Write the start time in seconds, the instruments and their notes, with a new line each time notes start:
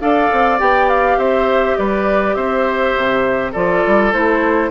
0.00 bassoon D4, clarinet A4, oboe D5, flute F5
0.32 bassoon C4
0.58 bassoon B3, clarinet G4, flute G5
0.89 flute F5
1.17 bassoon C4, oboe C5, flute E5
1.77 bassoon G3, oboe B4, flute D5
2.34 bassoon C4, oboe C5, flute E5
2.96 bassoon C3
3.51 bassoon F3, clarinet F4, oboe A4, flute D5
3.87 bassoon G3
4.12 bassoon A3, clarinet E4, flute C5